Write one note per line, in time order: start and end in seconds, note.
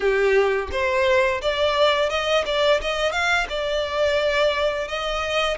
0.00 0.68 G4
0.71 1.41 C5
1.41 2.09 D5
2.09 2.44 D#5
2.45 2.80 D5
2.81 3.11 D#5
3.11 3.46 F5
3.49 4.87 D5
4.87 5.57 D#5